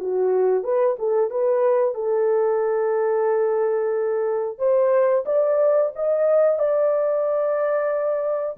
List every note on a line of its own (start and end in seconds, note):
0.00 0.64 F#4
0.64 0.97 B4
0.99 1.30 A4
1.30 1.95 B4
1.95 4.58 A4
4.59 5.24 C5
5.26 5.92 D5
5.96 6.59 D#5
6.59 8.57 D5